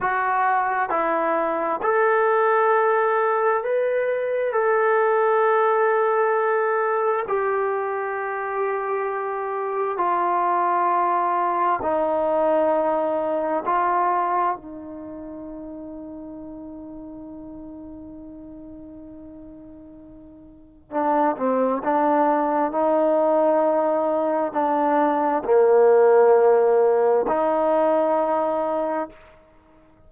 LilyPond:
\new Staff \with { instrumentName = "trombone" } { \time 4/4 \tempo 4 = 66 fis'4 e'4 a'2 | b'4 a'2. | g'2. f'4~ | f'4 dis'2 f'4 |
dis'1~ | dis'2. d'8 c'8 | d'4 dis'2 d'4 | ais2 dis'2 | }